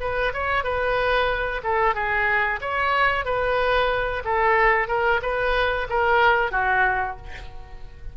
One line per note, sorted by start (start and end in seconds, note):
0.00 0.33 B4
0.33 0.63 C#5
0.63 1.61 B4
1.63 1.94 A4
1.94 2.60 G#4
2.61 3.25 C#5
3.25 4.23 B4
4.25 4.88 A4
4.88 5.21 A#4
5.22 5.87 B4
5.89 6.51 A#4
6.51 7.16 F#4